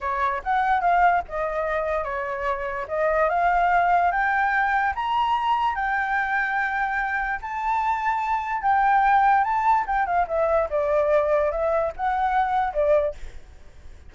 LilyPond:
\new Staff \with { instrumentName = "flute" } { \time 4/4 \tempo 4 = 146 cis''4 fis''4 f''4 dis''4~ | dis''4 cis''2 dis''4 | f''2 g''2 | ais''2 g''2~ |
g''2 a''2~ | a''4 g''2 a''4 | g''8 f''8 e''4 d''2 | e''4 fis''2 d''4 | }